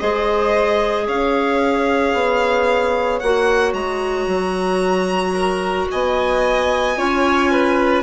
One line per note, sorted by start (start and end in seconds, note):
0.00 1.08 G#3
0.00 3.22 G#4
0.00 1.07 C5
0.00 1.07 D#5
1.07 2.14 C#4
1.07 5.35 C#5
1.07 3.19 F5
2.14 3.21 B3
3.19 3.73 A#3
3.19 6.97 F#4
3.19 3.73 F#5
3.73 4.27 G#3
3.73 5.88 A#5
4.27 5.88 F#3
5.35 5.88 A#4
5.91 6.97 B3
5.91 6.98 D#5
5.91 8.03 G#5
6.97 8.03 C#4
6.97 8.03 F4
6.97 7.52 C#5
7.52 8.03 B4